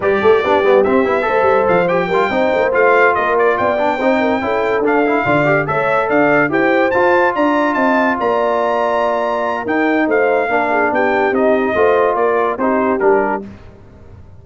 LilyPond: <<
  \new Staff \with { instrumentName = "trumpet" } { \time 4/4 \tempo 4 = 143 d''2 e''2 | f''8 g''2 f''4 dis''8 | d''8 g''2. f''8~ | f''4. e''4 f''4 g''8~ |
g''8 a''4 ais''4 a''4 ais''8~ | ais''2. g''4 | f''2 g''4 dis''4~ | dis''4 d''4 c''4 ais'4 | }
  \new Staff \with { instrumentName = "horn" } { \time 4/4 b'8 a'8 g'2 c''4~ | c''4 ais'8 c''2 ais'8~ | ais'8 d''4 c''8 ais'8 a'4.~ | a'8 d''4 cis''4 d''4 c''8~ |
c''4. d''4 dis''4 d''8~ | d''2. ais'4 | c''4 ais'8 gis'8 g'2 | c''4 ais'4 g'2 | }
  \new Staff \with { instrumentName = "trombone" } { \time 4/4 g'4 d'8 b8 c'8 e'8 a'4~ | a'8 g'8 f'8 dis'4 f'4.~ | f'4 d'8 dis'4 e'4 d'8 | e'8 f'8 g'8 a'2 g'8~ |
g'8 f'2.~ f'8~ | f'2. dis'4~ | dis'4 d'2 dis'4 | f'2 dis'4 d'4 | }
  \new Staff \with { instrumentName = "tuba" } { \time 4/4 g8 a8 b8 g8 c'8 b8 a8 g8 | f4 g8 c'8 ais8 a4 ais8~ | ais8 b4 c'4 cis'4 d'8~ | d'8 d4 a4 d'4 e'8~ |
e'8 f'4 d'4 c'4 ais8~ | ais2. dis'4 | a4 ais4 b4 c'4 | a4 ais4 c'4 g4 | }
>>